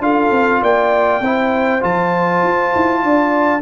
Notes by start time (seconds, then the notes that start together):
0.00 D4 F4 A4 F5
0.31 C4
0.62 A#3 D5 G5
1.21 C4 E4 C5
1.81 F3 F4 A5
2.44 F4
2.75 E4
3.03 D4 D5